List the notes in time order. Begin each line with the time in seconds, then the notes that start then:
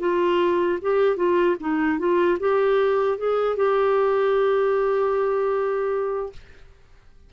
0.00 F4
0.82 G4
1.17 F4
1.60 D#4
1.99 F4
2.40 G4
3.18 G#4
3.57 G4